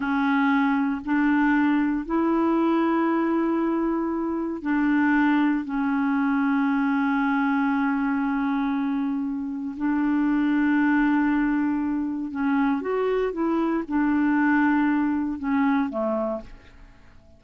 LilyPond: \new Staff \with { instrumentName = "clarinet" } { \time 4/4 \tempo 4 = 117 cis'2 d'2 | e'1~ | e'4 d'2 cis'4~ | cis'1~ |
cis'2. d'4~ | d'1 | cis'4 fis'4 e'4 d'4~ | d'2 cis'4 a4 | }